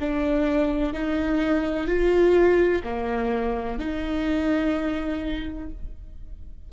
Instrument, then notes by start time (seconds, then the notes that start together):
viola
0.00 D4
0.93 D#4
1.87 F4
2.84 A#3
3.78 D#4